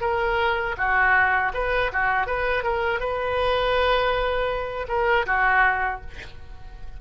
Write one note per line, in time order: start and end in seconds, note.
0.00 0.75 A#4
0.77 1.52 F#4
1.53 1.91 B4
1.92 2.26 F#4
2.26 2.63 B4
2.63 2.99 A#4
2.99 4.87 B4
4.88 5.25 A#4
5.26 6.01 F#4